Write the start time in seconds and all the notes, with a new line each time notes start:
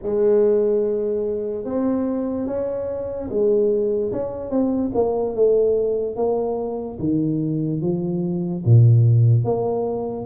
0.02 G#3
1.64 C4
2.47 C#4
3.29 G#3
4.12 C#4
4.50 C4
4.94 A#3
5.35 A3
6.15 A#3
6.99 D#3
7.81 F3
8.65 A#2
9.44 A#3